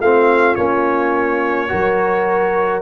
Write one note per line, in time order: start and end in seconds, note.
0.00 0.57 A3
0.00 0.57 C4
0.00 1.70 F4
0.00 0.55 F5
0.55 1.70 A#3
0.55 1.68 C#4
0.55 2.81 C#5
1.68 2.81 F#3
1.68 2.81 F#4
1.68 2.81 A#4